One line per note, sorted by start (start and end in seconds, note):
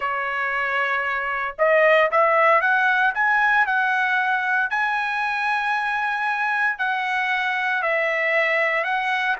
0.00 1.55 C#5
1.58 2.10 D#5
2.11 2.61 E5
2.61 3.13 F#5
3.14 3.66 G#5
3.66 4.70 F#5
4.70 6.78 G#5
6.78 7.82 F#5
7.82 8.83 E5
8.83 9.36 F#5